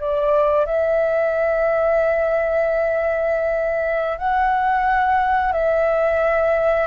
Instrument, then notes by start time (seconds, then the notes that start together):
flute
0.00 D5
0.66 E5
4.18 F#5
5.53 E5